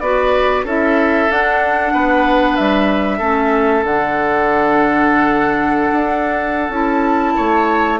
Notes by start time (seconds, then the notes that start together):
0.00 B3 F#4 B4 D5
0.64 C#4 E4 A4 E5
1.30 D4 F#5
1.94 B3 B4
2.57 G3 E5
3.18 A3 C#4 A4
3.84 D3 D4 F#5
5.92 D4
6.70 C#4 E4 A5
7.37 A3 C#5